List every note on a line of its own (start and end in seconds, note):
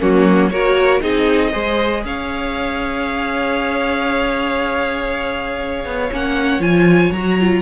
0.00 0.51 F#3
0.00 0.51 A#3
0.00 0.51 C#4
0.00 0.50 F#4
0.50 1.02 A#3
0.50 1.00 F#4
0.50 1.03 A#4
0.50 1.01 C#5
1.00 1.53 C4
1.00 1.51 D#4
1.00 1.52 G#4
1.00 2.04 D#5
1.52 2.04 G#3
1.52 6.10 G#4
1.52 2.03 C5
2.04 5.85 C#4
2.04 7.62 C#5
2.04 6.12 F5
5.85 6.10 B3
6.12 6.59 A#3
6.12 6.60 C#4
6.12 6.62 F#5
6.59 7.10 F3
6.59 7.11 F4
6.59 7.12 G#5
7.11 7.61 F#3
7.11 7.40 F#4
7.11 7.62 A#5
7.40 7.62 F4